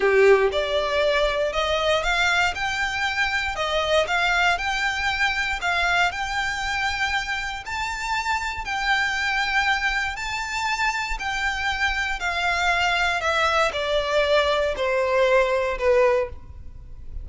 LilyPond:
\new Staff \with { instrumentName = "violin" } { \time 4/4 \tempo 4 = 118 g'4 d''2 dis''4 | f''4 g''2 dis''4 | f''4 g''2 f''4 | g''2. a''4~ |
a''4 g''2. | a''2 g''2 | f''2 e''4 d''4~ | d''4 c''2 b'4 | }